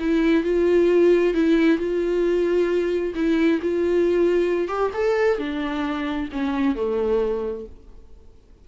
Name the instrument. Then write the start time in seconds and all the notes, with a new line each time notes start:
viola
0.00 E4
0.44 F4
1.34 E4
1.78 F4
3.15 E4
3.62 F4
4.68 G4
4.94 A4
5.39 D4
6.32 C#4
6.75 A3